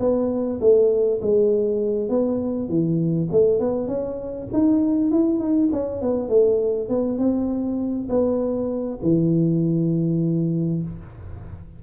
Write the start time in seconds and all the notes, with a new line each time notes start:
0.00 B3
0.61 A3
1.22 G#3
2.09 B3
2.69 E3
3.32 A3
3.59 B3
3.88 C#4
4.53 D#4
5.11 E4
5.39 D#4
5.72 C#4
6.02 B3
6.29 A3
6.89 B3
7.18 C4
8.09 B3
9.02 E3